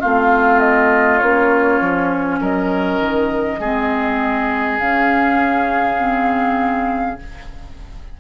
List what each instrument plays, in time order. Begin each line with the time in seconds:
0.00 bassoon A3, clarinet C4, oboe F4, flute F5
0.59 flute D#5
1.18 bassoon A#3, clarinet C#4, flute C#5
1.81 bassoon F3
2.41 bassoon F#3, oboe A#4, flute D#5
3.00 bassoon D#3
3.59 bassoon G#3, clarinet C4, oboe G#4
4.79 bassoon C#3, clarinet C#4, flute F5
5.97 clarinet C4